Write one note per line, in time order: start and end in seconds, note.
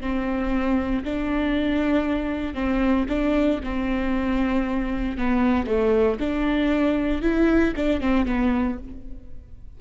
0.00 1.03 C4
1.04 2.54 D4
2.54 3.05 C4
3.08 3.60 D4
3.63 5.17 C4
5.17 5.66 B3
5.66 6.18 A3
6.20 7.22 D4
7.22 7.73 E4
7.76 8.00 D4
8.00 8.25 C4
8.25 8.77 B3